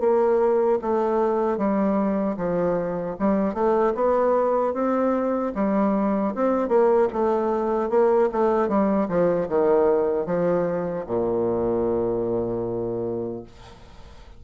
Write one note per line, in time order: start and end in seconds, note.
0.00 0.79 A#3
0.82 1.58 A3
1.58 2.36 G3
2.37 3.16 F3
3.19 3.54 G3
3.54 3.93 A3
3.95 4.74 B3
4.74 5.53 C4
5.55 6.34 G3
6.35 6.69 C4
6.69 7.08 A#3
7.13 7.90 A3
7.90 8.29 A#3
8.32 8.68 A3
8.68 9.08 G3
9.09 9.48 F3
9.48 10.26 D#3
10.26 11.05 F3
11.07 13.44 A#2